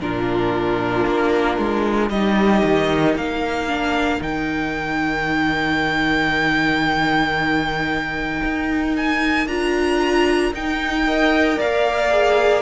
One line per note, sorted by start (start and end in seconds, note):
0.00 1.06 A#2
0.00 2.11 D4
0.00 2.11 F4
0.00 2.09 A#4
1.06 1.58 A#3
1.58 2.10 G#3
2.09 2.63 G3
2.09 3.68 D#4
2.09 3.16 G4
2.09 3.15 D#5
2.64 3.15 D#3
3.15 4.21 A#3
3.15 11.05 A#4
3.15 4.22 F5
3.68 4.20 D4
4.20 8.42 D#3
4.20 9.46 D#4
4.20 8.96 G5
8.43 9.47 D#4
8.96 9.48 G#5
9.47 10.52 D4
9.47 10.54 F4
9.47 10.53 A#5
10.52 11.58 D#4
10.52 11.07 D#4
10.52 11.60 G5
11.07 12.11 A#4
11.07 11.58 D#5
11.58 12.62 A#3
11.58 12.62 D5
11.58 12.62 F5
12.11 12.62 G#4